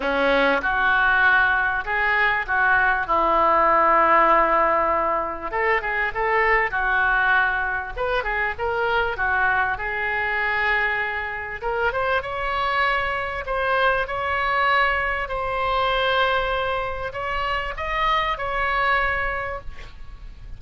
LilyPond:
\new Staff \with { instrumentName = "oboe" } { \time 4/4 \tempo 4 = 98 cis'4 fis'2 gis'4 | fis'4 e'2.~ | e'4 a'8 gis'8 a'4 fis'4~ | fis'4 b'8 gis'8 ais'4 fis'4 |
gis'2. ais'8 c''8 | cis''2 c''4 cis''4~ | cis''4 c''2. | cis''4 dis''4 cis''2 | }